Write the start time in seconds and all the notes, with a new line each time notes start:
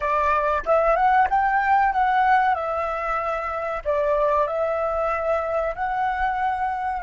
0.00 D5
0.65 E5
0.95 F#5
1.30 G5
1.93 F#5
2.54 E5
3.84 D5
4.47 E5
5.75 F#5